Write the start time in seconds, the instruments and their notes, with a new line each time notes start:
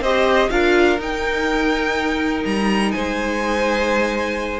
0.00 cello C4, viola G4, violin C5 D#5
0.50 cello D4, viola F4, violin A#4 F5
0.98 cello D#4, viola D#4, violin G5
2.44 cello G3, violin A#5
2.91 cello G#3, violin C5 G#5